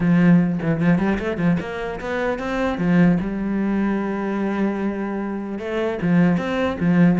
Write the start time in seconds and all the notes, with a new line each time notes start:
0.00 F3
0.61 E3
0.80 F3
0.98 G3
1.19 A3
1.37 F3
1.59 A#3
2.00 B3
2.38 C4
2.78 F3
3.20 G3
5.59 A3
6.01 F3
6.37 C4
6.79 F3